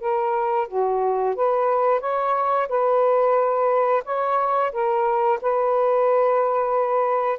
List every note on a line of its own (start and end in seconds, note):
0.00 0.67 A#4
0.68 1.35 F#4
1.35 2.00 B4
2.00 2.68 C#5
2.68 4.03 B4
4.04 4.72 C#5
4.72 5.39 A#4
5.41 7.39 B4